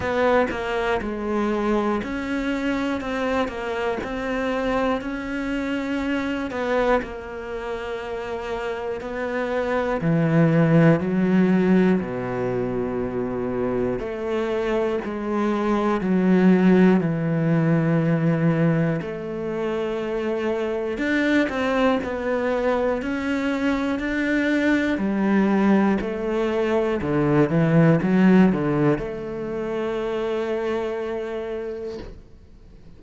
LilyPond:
\new Staff \with { instrumentName = "cello" } { \time 4/4 \tempo 4 = 60 b8 ais8 gis4 cis'4 c'8 ais8 | c'4 cis'4. b8 ais4~ | ais4 b4 e4 fis4 | b,2 a4 gis4 |
fis4 e2 a4~ | a4 d'8 c'8 b4 cis'4 | d'4 g4 a4 d8 e8 | fis8 d8 a2. | }